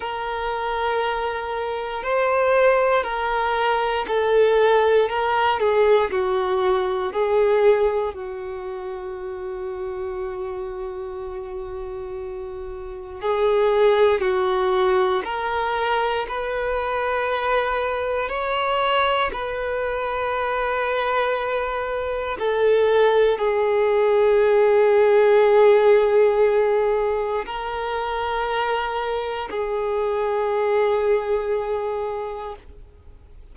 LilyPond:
\new Staff \with { instrumentName = "violin" } { \time 4/4 \tempo 4 = 59 ais'2 c''4 ais'4 | a'4 ais'8 gis'8 fis'4 gis'4 | fis'1~ | fis'4 gis'4 fis'4 ais'4 |
b'2 cis''4 b'4~ | b'2 a'4 gis'4~ | gis'2. ais'4~ | ais'4 gis'2. | }